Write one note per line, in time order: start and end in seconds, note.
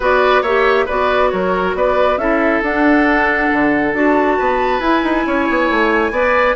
0.00 0.42 B3
0.00 0.44 F#4
0.00 0.42 B4
0.00 0.43 D5
0.42 0.86 A#3
0.42 0.88 G4
0.42 0.85 C#5
0.42 0.87 E5
0.85 1.32 B3
0.85 2.19 F#4
0.85 1.29 B4
0.85 1.30 D5
1.30 1.74 F#3
1.30 1.76 A#4
1.30 1.74 C#5
1.74 2.17 B3
1.74 2.20 B4
1.74 2.18 D5
2.17 2.61 C#4
2.17 2.63 E4
2.17 4.38 A4
2.17 2.61 E5
2.61 3.49 D4
2.61 3.94 D4
2.61 3.93 F#5
3.52 3.93 D3
3.93 4.37 D4
3.93 4.81 F#4
3.93 4.80 A5
4.38 4.79 B3
4.38 5.26 B4
4.79 5.01 E4
4.79 6.13 E4
4.79 6.55 G#5
5.03 5.25 D#4
5.26 5.48 C#4
5.26 6.11 C#5
5.49 5.70 B3
5.70 6.10 A3
6.10 6.54 B3
6.10 6.55 B4
6.10 6.55 D5